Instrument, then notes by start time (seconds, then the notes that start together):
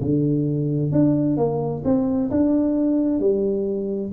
tuba
0.00 D3
0.91 D4
1.37 A#3
1.84 C4
2.30 D4
3.19 G3